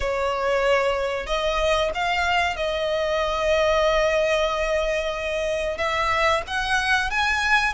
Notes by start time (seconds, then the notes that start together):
0.00 C#5
1.26 D#5
1.94 F5
2.56 D#5
5.77 E5
6.47 F#5
7.10 G#5